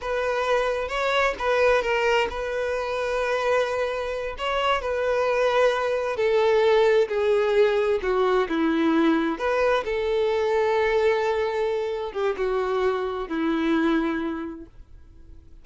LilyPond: \new Staff \with { instrumentName = "violin" } { \time 4/4 \tempo 4 = 131 b'2 cis''4 b'4 | ais'4 b'2.~ | b'4. cis''4 b'4.~ | b'4. a'2 gis'8~ |
gis'4. fis'4 e'4.~ | e'8 b'4 a'2~ a'8~ | a'2~ a'8 g'8 fis'4~ | fis'4 e'2. | }